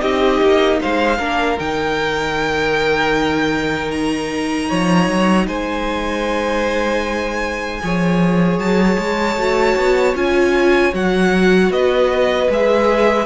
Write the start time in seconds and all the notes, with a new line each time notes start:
0.00 C4 D#4 G4 D#5
0.42 A#3
0.81 G#3 C5 F5
1.18 A#3 D4 A#4
1.59 D#3 D#4 G5
3.91 A#5
4.69 F3 C#5
5.08 F#3
5.47 G#3 C5 G#5
7.83 F3 G#4 C#5
8.58 F#3 A5
8.99 G#3
9.37 A3 F#4
9.77 B3
10.15 C#4 F4 G#5
10.93 F#3 F#4 F#5
11.70 B3 B4 D#5
12.50 G#3 G#4 E5